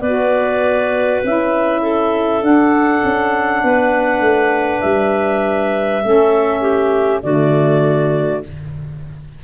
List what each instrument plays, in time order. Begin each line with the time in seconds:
0.00 tuba B3, saxophone F#4, clarinet B4 D5
1.24 tuba C#4, saxophone E4, clarinet E5
1.81 clarinet A4
2.41 saxophone D4, tuba D4, clarinet F#5
3.04 tuba C#4
3.63 tuba B3, clarinet B4
4.20 tuba A3
4.80 tuba G3, clarinet E5
6.02 tuba A3, saxophone C#4, clarinet A4
6.61 clarinet G4
7.22 tuba D3, saxophone A3, clarinet F#4 D5